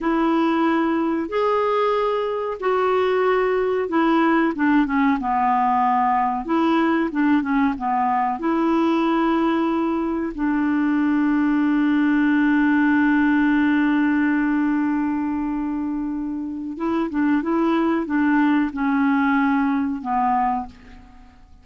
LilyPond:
\new Staff \with { instrumentName = "clarinet" } { \time 4/4 \tempo 4 = 93 e'2 gis'2 | fis'2 e'4 d'8 cis'8 | b2 e'4 d'8 cis'8 | b4 e'2. |
d'1~ | d'1~ | d'2 e'8 d'8 e'4 | d'4 cis'2 b4 | }